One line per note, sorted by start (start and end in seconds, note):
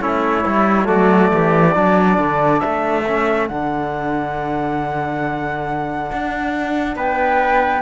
0.00 0.45 A3
0.00 0.43 C#4
0.00 0.86 E4
0.00 0.87 C#5
0.45 0.89 G3
0.45 0.84 E4
0.84 1.32 F#3
0.84 1.70 A3
0.84 1.30 F#4
0.84 2.60 D5
1.34 1.76 E3
1.34 1.76 G4
1.74 2.18 F#3
1.74 3.04 D4
1.74 6.96 A4
2.18 2.61 D3
2.60 3.50 A3
2.60 3.47 E5
3.07 3.50 C#4
3.48 6.11 D3
3.48 7.82 D4
3.48 6.96 F#5
6.12 6.96 D4
6.96 7.82 B3
6.96 7.82 B4
6.96 7.82 G5